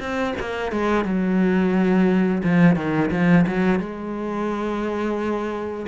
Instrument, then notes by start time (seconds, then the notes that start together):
cello
0.00 C4
0.40 A#3
0.72 G#3
1.05 F#3
2.44 F3
2.76 D#3
3.11 F3
3.47 F#3
3.79 G#3